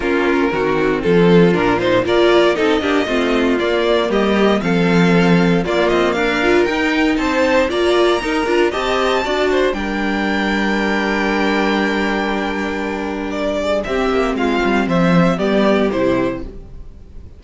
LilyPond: <<
  \new Staff \with { instrumentName = "violin" } { \time 4/4 \tempo 4 = 117 ais'2 a'4 ais'8 c''8 | d''4 dis''2 d''4 | dis''4 f''2 d''8 dis''8 | f''4 g''4 a''4 ais''4~ |
ais''4 a''2 g''4~ | g''1~ | g''2 d''4 e''4 | f''4 e''4 d''4 c''4 | }
  \new Staff \with { instrumentName = "violin" } { \time 4/4 f'4 fis'4 f'2 | ais'4 a'8 g'8 f'2 | g'4 a'2 f'4 | ais'2 c''4 d''4 |
ais'4 dis''4 d''8 c''8 ais'4~ | ais'1~ | ais'2~ ais'8 gis'8 g'4 | f'4 c''4 g'2 | }
  \new Staff \with { instrumentName = "viola" } { \time 4/4 cis'4 c'2 d'8 dis'8 | f'4 dis'8 d'8 c'4 ais4~ | ais4 c'2 ais4~ | ais8 f'8 dis'2 f'4 |
dis'8 f'8 g'4 fis'4 d'4~ | d'1~ | d'2. c'4~ | c'2 b4 e'4 | }
  \new Staff \with { instrumentName = "cello" } { \time 4/4 ais4 dis4 f4 ais,4 | ais4 c'8 ais8 a4 ais4 | g4 f2 ais8 c'8 | d'4 dis'4 c'4 ais4 |
dis'8 d'8 c'4 d'4 g4~ | g1~ | g2. c'8 ais8 | gis8 g8 f4 g4 c4 | }
>>